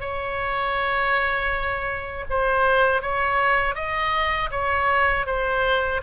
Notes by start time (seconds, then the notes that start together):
0.00 C#5
2.30 C5
3.02 C#5
3.75 D#5
4.51 C#5
5.26 C5